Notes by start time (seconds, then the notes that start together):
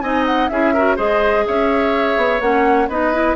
0.00 C4 D#4 D#5 G#5
0.26 F#5
0.48 C#4 E4 G#4 E5
0.73 F#4 A#4
0.96 G#3 G#4 C5 D#5
1.46 C#4 C#5 E5
2.16 B3
2.40 A#3 C#4 F#5
2.87 B3 D#4 B4 D#5
3.13 E4